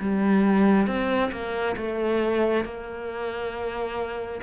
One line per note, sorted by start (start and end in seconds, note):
0.00 0.87 G3
0.87 1.31 C4
1.32 1.76 A#3
1.76 2.65 A3
2.65 4.41 A#3